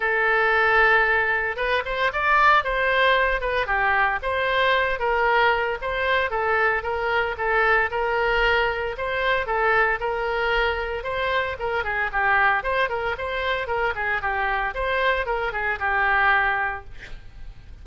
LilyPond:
\new Staff \with { instrumentName = "oboe" } { \time 4/4 \tempo 4 = 114 a'2. b'8 c''8 | d''4 c''4. b'8 g'4 | c''4. ais'4. c''4 | a'4 ais'4 a'4 ais'4~ |
ais'4 c''4 a'4 ais'4~ | ais'4 c''4 ais'8 gis'8 g'4 | c''8 ais'8 c''4 ais'8 gis'8 g'4 | c''4 ais'8 gis'8 g'2 | }